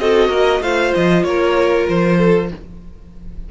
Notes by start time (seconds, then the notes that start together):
0.00 C4 F#4 A4 D#5
0.29 A#3 A#4
0.61 A3 F4 C5 F5
0.95 F3 D#5
1.24 A#3 A#4 C#5
1.89 F3 C5
2.18 A4